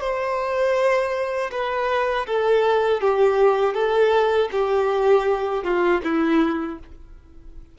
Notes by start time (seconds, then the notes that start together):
0.00 C5
1.51 B4
2.26 A4
3.01 G4
3.74 A4
4.52 G4
5.63 F4
6.03 E4